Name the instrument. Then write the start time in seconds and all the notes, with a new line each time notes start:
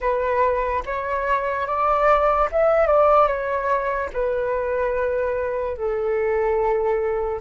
flute
0.00 B4
0.85 C#5
1.66 D5
2.51 E5
2.87 D5
3.27 C#5
4.13 B4
5.77 A4